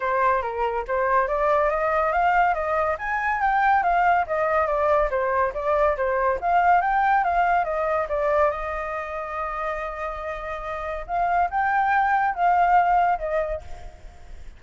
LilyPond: \new Staff \with { instrumentName = "flute" } { \time 4/4 \tempo 4 = 141 c''4 ais'4 c''4 d''4 | dis''4 f''4 dis''4 gis''4 | g''4 f''4 dis''4 d''4 | c''4 d''4 c''4 f''4 |
g''4 f''4 dis''4 d''4 | dis''1~ | dis''2 f''4 g''4~ | g''4 f''2 dis''4 | }